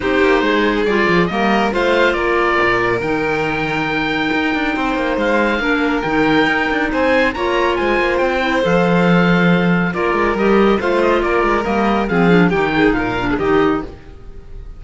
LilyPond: <<
  \new Staff \with { instrumentName = "oboe" } { \time 4/4 \tempo 4 = 139 c''2 d''4 dis''4 | f''4 d''2 g''4~ | g''1 | f''2 g''2 |
gis''4 ais''4 gis''4 g''4 | f''2. d''4 | dis''4 f''8 dis''8 d''4 dis''4 | f''4 g''4 f''4 dis''4 | }
  \new Staff \with { instrumentName = "violin" } { \time 4/4 g'4 gis'2 ais'4 | c''4 ais'2.~ | ais'2. c''4~ | c''4 ais'2. |
c''4 cis''4 c''2~ | c''2. ais'4~ | ais'4 c''4 ais'2 | gis'4 g'8 gis'8 ais'8. gis'16 g'4 | }
  \new Staff \with { instrumentName = "clarinet" } { \time 4/4 dis'2 f'4 ais4 | f'2. dis'4~ | dis'1~ | dis'4 d'4 dis'2~ |
dis'4 f'2~ f'8 e'8 | a'2. f'4 | g'4 f'2 ais4 | c'8 d'8 dis'4. d'8 dis'4 | }
  \new Staff \with { instrumentName = "cello" } { \time 4/4 c'8 ais8 gis4 g8 f8 g4 | a4 ais4 ais,4 dis4~ | dis2 dis'8 d'8 c'8 ais8 | gis4 ais4 dis4 dis'8 d'8 |
c'4 ais4 gis8 ais8 c'4 | f2. ais8 gis8 | g4 a4 ais8 gis8 g4 | f4 dis4 ais,4 dis4 | }
>>